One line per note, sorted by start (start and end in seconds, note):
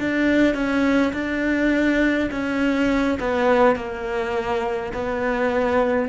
0.00 0.55 D4
0.55 1.13 C#4
1.13 2.30 D4
2.31 3.19 C#4
3.20 3.76 B3
3.76 4.92 A#3
4.94 6.08 B3